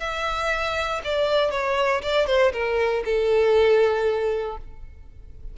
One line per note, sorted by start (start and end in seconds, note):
0.00 1.02 E5
1.05 1.51 D5
1.51 2.02 C#5
2.02 2.27 D5
2.27 2.53 C5
2.53 3.04 A#4
3.05 4.58 A4